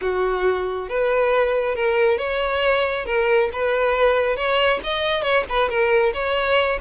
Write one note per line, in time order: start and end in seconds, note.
0.01 0.88 F#4
0.88 1.75 B4
1.75 2.17 A#4
2.17 3.05 C#5
3.05 3.49 A#4
3.53 4.36 B4
4.36 4.80 C#5
4.83 5.22 D#5
5.22 5.44 C#5
5.49 5.69 B4
5.69 6.12 A#4
6.13 6.79 C#5